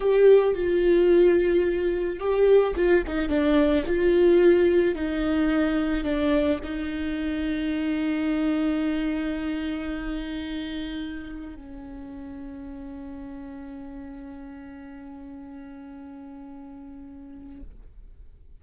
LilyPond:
\new Staff \with { instrumentName = "viola" } { \time 4/4 \tempo 4 = 109 g'4 f'2. | g'4 f'8 dis'8 d'4 f'4~ | f'4 dis'2 d'4 | dis'1~ |
dis'1~ | dis'4 cis'2.~ | cis'1~ | cis'1 | }